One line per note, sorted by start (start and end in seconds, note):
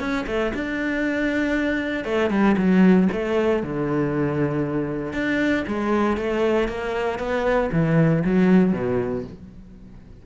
0.00 0.26 C#4
0.27 0.53 A3
0.54 2.05 D4
2.05 2.30 A3
2.30 2.56 G3
2.58 3.09 F#3
3.12 3.63 A3
3.63 5.13 D3
5.13 5.65 D4
5.68 6.17 G#3
6.17 6.68 A3
6.68 7.19 A#3
7.19 7.70 B3
7.72 8.24 E3
8.25 8.73 F#3
8.73 9.24 B2